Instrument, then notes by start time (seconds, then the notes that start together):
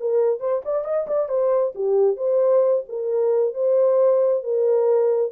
horn
0.00 A#4
0.40 C5
0.65 D5
0.85 D#5
1.08 D5
1.29 C5
1.75 G4
2.17 C5
2.89 A#4
3.55 C5
4.44 A#4